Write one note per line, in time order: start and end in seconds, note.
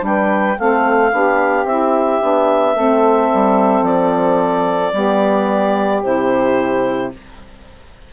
0.00 0.57 G3
0.00 0.55 D4
0.00 0.59 G5
0.07 0.58 B4
0.58 1.12 A3
0.58 1.11 C4
0.58 1.12 A4
0.58 1.66 F5
1.11 1.65 B3
1.11 1.66 D4
1.11 2.75 G4
1.65 2.19 C4
1.65 2.21 E4
1.65 3.84 E5
2.21 2.75 B3
2.21 2.75 D4
2.75 3.30 A3
2.75 4.93 C4
2.75 4.93 A4
3.34 3.82 G3
3.82 4.91 F3
3.82 6.02 D5
4.93 6.02 G3
4.93 6.02 B3
4.93 7.12 G4
6.03 7.13 C3
6.03 7.12 E4
6.03 7.12 C5